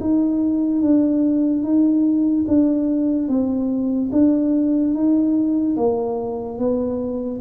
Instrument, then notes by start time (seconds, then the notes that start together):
tuba
0.00 D#4
0.81 D4
1.63 D#4
2.47 D4
3.28 C4
4.12 D4
4.94 D#4
5.76 A#3
6.58 B3